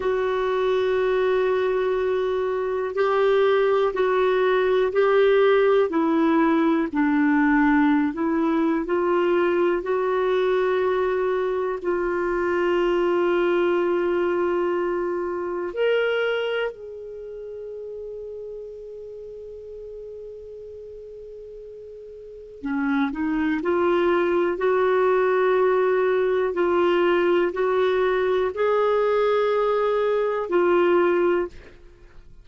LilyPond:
\new Staff \with { instrumentName = "clarinet" } { \time 4/4 \tempo 4 = 61 fis'2. g'4 | fis'4 g'4 e'4 d'4~ | d'16 e'8. f'4 fis'2 | f'1 |
ais'4 gis'2.~ | gis'2. cis'8 dis'8 | f'4 fis'2 f'4 | fis'4 gis'2 f'4 | }